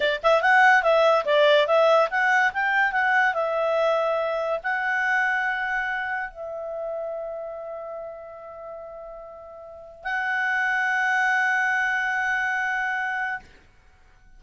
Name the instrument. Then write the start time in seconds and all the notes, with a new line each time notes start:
clarinet
0.00 D5
0.23 E5
0.42 F#5
0.83 E5
1.25 D5
1.67 E5
2.10 F#5
2.53 G5
2.92 F#5
3.34 E5
4.63 F#5
6.30 E5
10.04 F#5